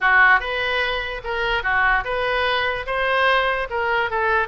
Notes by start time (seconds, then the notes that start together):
0.00 F#4
0.40 B4
1.24 A#4
1.63 F#4
2.04 B4
2.86 C5
3.69 A#4
4.10 A4